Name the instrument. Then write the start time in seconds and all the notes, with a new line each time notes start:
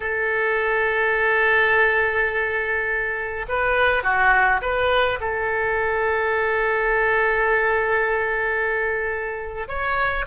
oboe
0.00 A4
3.48 B4
4.03 F#4
4.61 B4
5.20 A4
9.67 C#5